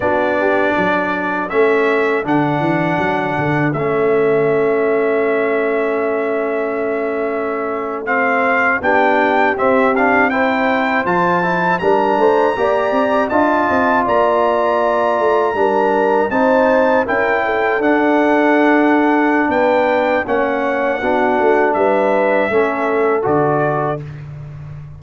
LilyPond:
<<
  \new Staff \with { instrumentName = "trumpet" } { \time 4/4 \tempo 4 = 80 d''2 e''4 fis''4~ | fis''4 e''2.~ | e''2~ e''8. f''4 g''16~ | g''8. e''8 f''8 g''4 a''4 ais''16~ |
ais''4.~ ais''16 a''4 ais''4~ ais''16~ | ais''4.~ ais''16 a''4 g''4 fis''16~ | fis''2 g''4 fis''4~ | fis''4 e''2 d''4 | }
  \new Staff \with { instrumentName = "horn" } { \time 4/4 fis'8 g'8 a'2.~ | a'1~ | a'2.~ a'8. g'16~ | g'4.~ g'16 c''2 ais'16~ |
ais'16 c''8 d''4 dis''4 d''4~ d''16~ | d''8. ais'4 c''4 ais'8 a'8.~ | a'2 b'4 cis''4 | fis'4 b'4 a'2 | }
  \new Staff \with { instrumentName = "trombone" } { \time 4/4 d'2 cis'4 d'4~ | d'4 cis'2.~ | cis'2~ cis'8. c'4 d'16~ | d'8. c'8 d'8 e'4 f'8 e'8 d'16~ |
d'8. g'4 f'2~ f'16~ | f'8. d'4 dis'4 e'4 d'16~ | d'2. cis'4 | d'2 cis'4 fis'4 | }
  \new Staff \with { instrumentName = "tuba" } { \time 4/4 b4 fis4 a4 d8 e8 | fis8 d8 a2.~ | a2.~ a8. b16~ | b8. c'2 f4 g16~ |
g16 a8 ais8 c'8 d'8 c'8 ais4~ ais16~ | ais16 a8 g4 c'4 cis'4 d'16~ | d'2 b4 ais4 | b8 a8 g4 a4 d4 | }
>>